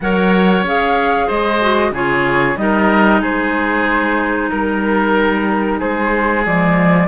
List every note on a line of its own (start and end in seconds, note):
0.00 0.62 F#3
0.00 0.66 A#4
0.00 1.27 C#5
0.00 0.65 F#5
0.62 1.27 C#4
0.62 1.61 G#4
0.62 1.29 F5
1.27 1.91 G#3
1.27 1.91 C5
1.27 1.93 D#5
1.61 1.93 F#4
1.91 2.56 C#3
1.91 2.56 F4
1.91 2.57 G#4
1.91 2.57 C#5
2.56 3.21 G3
2.56 6.43 D#4
2.56 3.21 A#4
2.56 3.22 D#5
3.21 4.50 G#3
3.21 4.50 G#4
3.21 4.50 C5
4.50 5.81 G3
4.50 5.79 A#4
5.79 6.46 G#3
5.79 7.07 G#4
5.79 6.44 C5
6.44 7.07 F3
6.44 7.07 G#3
6.44 7.07 D5